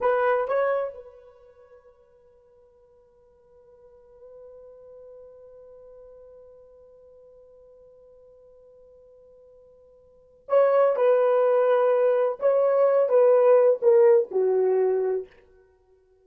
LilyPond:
\new Staff \with { instrumentName = "horn" } { \time 4/4 \tempo 4 = 126 b'4 cis''4 b'2~ | b'1~ | b'1~ | b'1~ |
b'1~ | b'2 cis''4 b'4~ | b'2 cis''4. b'8~ | b'4 ais'4 fis'2 | }